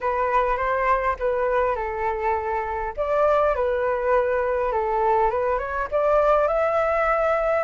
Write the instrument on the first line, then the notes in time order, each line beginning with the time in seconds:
flute
0.01 B4
0.57 C5
1.19 B4
1.75 A4
2.97 D5
3.55 B4
4.72 A4
5.30 B4
5.58 C#5
5.91 D5
6.47 E5